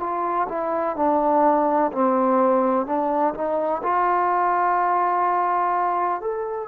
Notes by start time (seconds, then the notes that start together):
0.00 F4
0.49 E4
0.97 D4
1.93 C4
2.87 D4
3.35 D#4
3.84 F4
6.22 A4